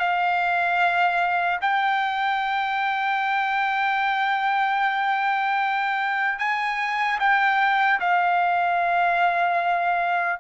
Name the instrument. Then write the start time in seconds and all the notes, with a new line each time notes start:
trumpet
0.00 F5
1.61 G5
6.39 G#5
7.20 G5
8.00 F5